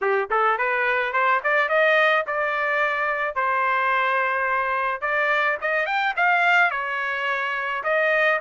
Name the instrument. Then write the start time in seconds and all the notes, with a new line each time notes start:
trumpet
0.01 G4
0.30 A4
0.58 B4
1.12 C5
1.43 D5
1.68 D#5
2.27 D5
3.35 C5
5.01 D5
5.61 D#5
5.86 G5
6.16 F5
6.71 C#5
7.83 D#5